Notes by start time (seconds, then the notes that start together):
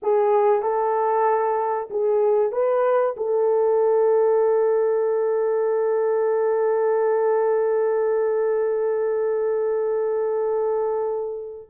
0.02 G#4
0.62 A4
1.90 G#4
2.52 B4
3.16 A4